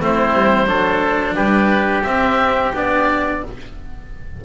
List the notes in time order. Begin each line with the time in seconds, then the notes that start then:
0.00 A3 C4 E4 C5
0.34 G3
0.66 F#3 D4 A4
1.35 G3 G4 B4
2.03 C4 E5
2.74 B3 D4 D5